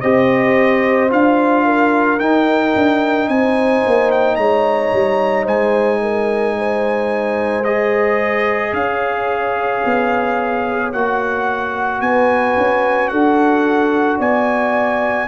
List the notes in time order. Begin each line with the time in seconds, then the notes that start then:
0.00 C4 G4 C5 D#5
1.09 D4 F4 F5
1.65 A#4
2.19 D#4 G5
2.75 D4
3.28 C4 C5 G#5
3.86 A#3
4.11 G5
4.35 G#3 C#5 A#5
4.92 G3
5.43 G#3 C5 G#5
6.01 A#4
6.57 C5
7.64 G#4 D#5
8.72 C#4 C#5 F5
9.84 B3
10.92 A#3 F#4 F#5
12.01 B3 B4 G#5
12.57 C#4
13.08 D4 A4 F#5
14.18 B3 D5 G#5